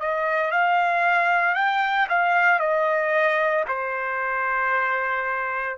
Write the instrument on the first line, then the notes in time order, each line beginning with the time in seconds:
trumpet
0.00 D#5
0.51 F5
1.55 G5
2.09 F5
2.59 D#5
3.68 C5